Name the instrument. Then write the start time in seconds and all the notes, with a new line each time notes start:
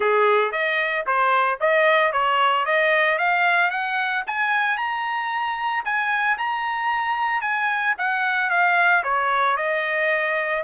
trumpet
0.00 G#4
0.52 D#5
1.06 C5
1.60 D#5
2.12 C#5
2.65 D#5
3.18 F5
3.70 F#5
4.26 G#5
4.77 A#5
5.84 G#5
6.38 A#5
7.41 G#5
7.98 F#5
8.50 F5
9.03 C#5
9.56 D#5